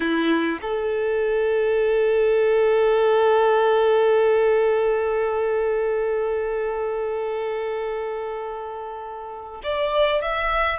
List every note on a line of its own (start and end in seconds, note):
0.00 0.59 E4
0.61 9.61 A4
9.63 10.21 D5
10.21 10.79 E5